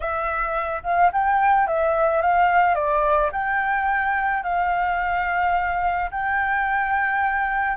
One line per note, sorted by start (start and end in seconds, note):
0.00 0.82 E5
0.83 1.11 F5
1.12 1.67 G5
1.67 2.21 E5
2.21 2.74 F5
2.74 3.30 D5
3.32 4.43 G5
4.43 6.10 F5
6.10 7.77 G5